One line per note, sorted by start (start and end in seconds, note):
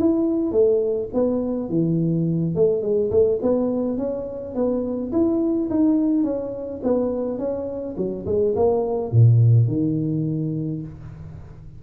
0.00 0.52 E4
0.52 1.09 A3
1.14 1.70 B3
1.70 2.56 E3
2.56 2.82 A3
2.82 3.11 G#3
3.11 3.40 A3
3.43 3.98 B3
3.98 4.55 C#4
4.55 5.12 B3
5.12 5.70 E4
5.70 6.24 D#4
6.24 6.81 C#4
6.83 7.39 B3
7.39 7.96 C#4
7.98 8.26 F#3
8.26 8.55 G#3
8.56 9.12 A#3
9.12 9.68 A#2
9.68 10.82 D#3